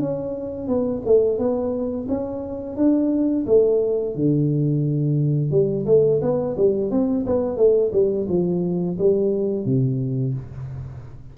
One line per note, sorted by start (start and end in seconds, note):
0.00 0.68 C#4
0.68 1.03 B3
1.06 1.39 A3
1.39 2.08 B3
2.09 2.77 C#4
2.77 3.46 D4
3.47 4.15 A3
4.15 5.51 D3
5.51 5.86 G3
5.87 6.21 A3
6.22 6.56 B3
6.57 6.91 G3
6.91 7.26 C4
7.27 7.57 B3
7.57 7.92 A3
7.93 8.27 G3
8.29 8.98 F3
8.99 9.66 G3
9.66 10.34 C3